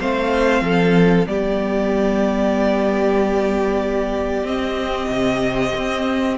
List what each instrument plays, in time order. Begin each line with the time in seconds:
0.00 cello A3, viola C4, violin C5 F5
0.61 cello F3, violin A4
1.27 cello G3, viola B3, violin G4 D5
4.43 cello C4, viola C4, violin D#5
5.09 cello C3
5.75 cello C4